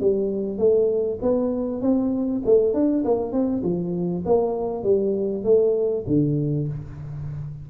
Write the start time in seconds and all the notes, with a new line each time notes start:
0.00 G3
0.58 A3
1.22 B3
1.82 C4
2.45 A3
2.74 D4
3.05 A#3
3.32 C4
3.63 F3
4.25 A#3
4.83 G3
5.44 A3
6.07 D3